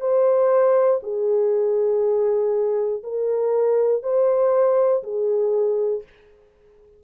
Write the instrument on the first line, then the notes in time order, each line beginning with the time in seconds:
horn
0.00 C5
1.03 G#4
3.03 A#4
4.02 C5
5.03 G#4